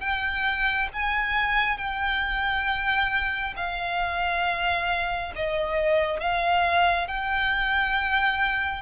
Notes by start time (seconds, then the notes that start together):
0.00 G5
0.93 G#5
1.78 G5
3.56 F5
5.35 D#5
6.20 F5
7.07 G5